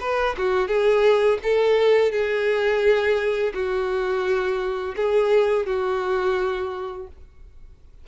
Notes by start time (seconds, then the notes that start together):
0.00 B4
0.37 F#4
0.67 G#4
1.43 A4
2.11 G#4
3.54 F#4
4.96 G#4
5.66 F#4